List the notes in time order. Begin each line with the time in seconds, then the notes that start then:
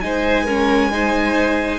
0.00 G#3 D#4 C5 G#5
0.44 C#4 A#4
0.91 D#4 C5